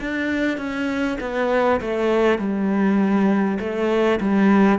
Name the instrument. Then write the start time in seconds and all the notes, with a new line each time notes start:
cello
0.00 D4
0.58 C#4
1.21 B3
1.81 A3
2.38 G3
3.60 A3
4.21 G3